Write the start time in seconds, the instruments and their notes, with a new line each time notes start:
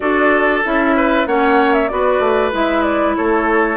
0.00 bassoon D4, clarinet F#4, oboe A4, flute D5
0.64 bassoon C#4, clarinet E4, flute E5
0.96 oboe B4
1.26 bassoon A#3, clarinet C#4, oboe C#5, flute F#5
1.73 flute E5
1.88 bassoon B3, clarinet F#4, oboe B4, flute D5
2.19 bassoon A3
2.52 bassoon G#3, clarinet E4, flute E5
2.82 flute D5
3.16 bassoon A3, oboe A4, flute C#5